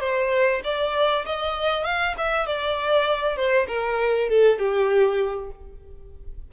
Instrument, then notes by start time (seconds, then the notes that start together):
violin
0.00 C5
0.64 D5
1.26 D#5
1.84 F5
2.18 E5
2.46 D5
3.36 C5
3.68 A#4
4.29 A4
4.59 G4